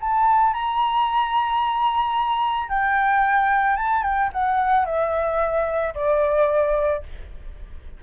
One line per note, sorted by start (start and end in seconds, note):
0.00 0.53 A5
0.53 2.69 A#5
2.69 3.76 G5
3.76 4.02 A5
4.02 4.29 G5
4.32 4.85 F#5
4.85 5.93 E5
5.94 7.02 D5